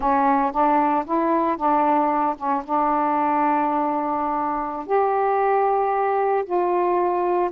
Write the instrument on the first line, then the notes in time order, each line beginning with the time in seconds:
saxophone
0.00 C#4
0.51 D4
1.05 E4
1.56 D4
2.36 C#4
2.64 D4
4.86 G4
6.45 F4